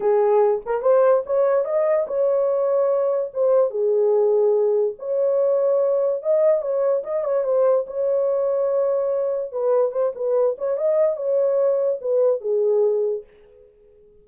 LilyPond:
\new Staff \with { instrumentName = "horn" } { \time 4/4 \tempo 4 = 145 gis'4. ais'8 c''4 cis''4 | dis''4 cis''2. | c''4 gis'2. | cis''2. dis''4 |
cis''4 dis''8 cis''8 c''4 cis''4~ | cis''2. b'4 | c''8 b'4 cis''8 dis''4 cis''4~ | cis''4 b'4 gis'2 | }